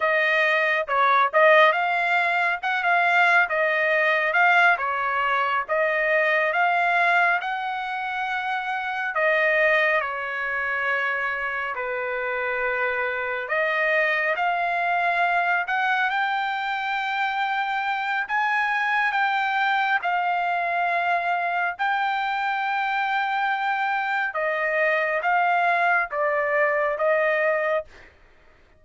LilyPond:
\new Staff \with { instrumentName = "trumpet" } { \time 4/4 \tempo 4 = 69 dis''4 cis''8 dis''8 f''4 fis''16 f''8. | dis''4 f''8 cis''4 dis''4 f''8~ | f''8 fis''2 dis''4 cis''8~ | cis''4. b'2 dis''8~ |
dis''8 f''4. fis''8 g''4.~ | g''4 gis''4 g''4 f''4~ | f''4 g''2. | dis''4 f''4 d''4 dis''4 | }